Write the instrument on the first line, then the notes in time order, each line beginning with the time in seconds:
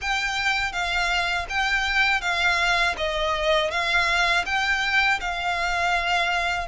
violin
0.01 G5
0.72 F5
1.48 G5
2.21 F5
2.97 D#5
3.70 F5
4.45 G5
5.20 F5